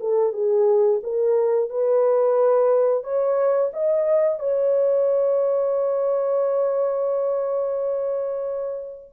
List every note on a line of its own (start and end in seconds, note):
0.00 0.33 A4
0.33 1.01 G#4
1.03 1.70 A#4
1.70 3.04 B4
3.04 3.71 C#5
3.73 4.39 D#5
4.39 9.11 C#5